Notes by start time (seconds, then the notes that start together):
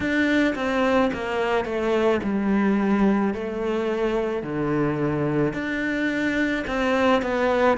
0.00 D4
0.55 C4
1.13 A#3
1.64 A3
2.23 G3
3.33 A3
4.42 D3
5.53 D4
6.67 C4
7.22 B3